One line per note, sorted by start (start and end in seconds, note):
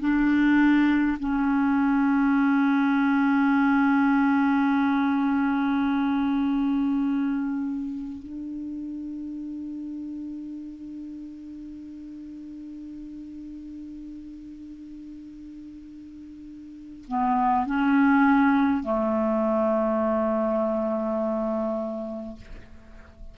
0.00 1.18 D4
1.20 8.23 C#4
8.23 17.05 D4
17.08 17.66 B3
17.66 18.83 C#4
18.83 22.36 A3